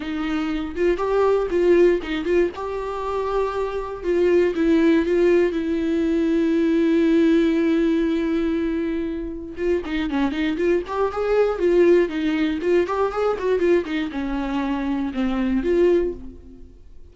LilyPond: \new Staff \with { instrumentName = "viola" } { \time 4/4 \tempo 4 = 119 dis'4. f'8 g'4 f'4 | dis'8 f'8 g'2. | f'4 e'4 f'4 e'4~ | e'1~ |
e'2. f'8 dis'8 | cis'8 dis'8 f'8 g'8 gis'4 f'4 | dis'4 f'8 g'8 gis'8 fis'8 f'8 dis'8 | cis'2 c'4 f'4 | }